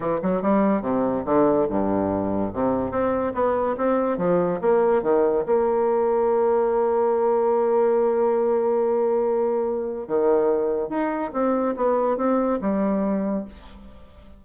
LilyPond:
\new Staff \with { instrumentName = "bassoon" } { \time 4/4 \tempo 4 = 143 e8 fis8 g4 c4 d4 | g,2 c4 c'4 | b4 c'4 f4 ais4 | dis4 ais2.~ |
ais1~ | ais1 | dis2 dis'4 c'4 | b4 c'4 g2 | }